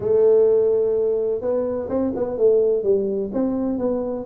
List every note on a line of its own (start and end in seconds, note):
0.00 1.41 A3
1.41 1.88 B3
1.89 2.13 C4
2.15 2.37 B3
2.37 2.83 A3
2.83 3.30 G3
3.33 3.78 C4
3.78 4.25 B3